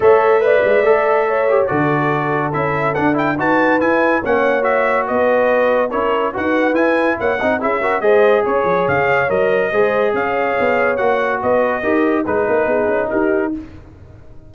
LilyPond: <<
  \new Staff \with { instrumentName = "trumpet" } { \time 4/4 \tempo 4 = 142 e''1 | d''2 e''4 fis''8 g''8 | a''4 gis''4 fis''4 e''4 | dis''2 cis''4 fis''4 |
gis''4 fis''4 e''4 dis''4 | cis''4 f''4 dis''2 | f''2 fis''4 dis''4~ | dis''4 b'2 ais'4 | }
  \new Staff \with { instrumentName = "horn" } { \time 4/4 cis''4 d''2 cis''4 | a'1 | b'2 cis''2 | b'2 ais'4 b'4~ |
b'4 cis''8 dis''8 gis'8 ais'8 c''4 | cis''2. c''4 | cis''2. b'4 | ais'4 b'8 ais'8 gis'4 g'4 | }
  \new Staff \with { instrumentName = "trombone" } { \time 4/4 a'4 b'4 a'4. g'8 | fis'2 e'4 d'8 e'8 | fis'4 e'4 cis'4 fis'4~ | fis'2 e'4 fis'4 |
e'4. dis'8 e'8 fis'8 gis'4~ | gis'2 ais'4 gis'4~ | gis'2 fis'2 | g'4 dis'2. | }
  \new Staff \with { instrumentName = "tuba" } { \time 4/4 a4. gis8 a2 | d2 cis'4 d'4 | dis'4 e'4 ais2 | b2 cis'4 dis'4 |
e'4 ais8 c'8 cis'4 gis4 | cis'8 f8 cis4 fis4 gis4 | cis'4 b4 ais4 b4 | dis'4 gis8 ais8 b8 cis'8 dis'4 | }
>>